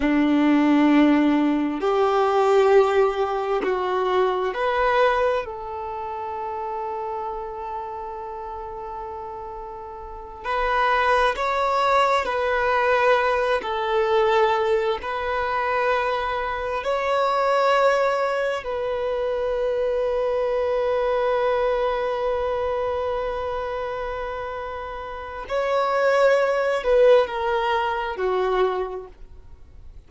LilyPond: \new Staff \with { instrumentName = "violin" } { \time 4/4 \tempo 4 = 66 d'2 g'2 | fis'4 b'4 a'2~ | a'2.~ a'8 b'8~ | b'8 cis''4 b'4. a'4~ |
a'8 b'2 cis''4.~ | cis''8 b'2.~ b'8~ | b'1 | cis''4. b'8 ais'4 fis'4 | }